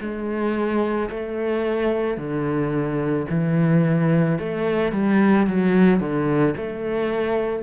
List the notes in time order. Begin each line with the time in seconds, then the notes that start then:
0.00 G#3
1.10 A3
2.17 D3
3.29 E3
4.38 A3
4.92 G3
5.46 F#3
6.00 D3
6.57 A3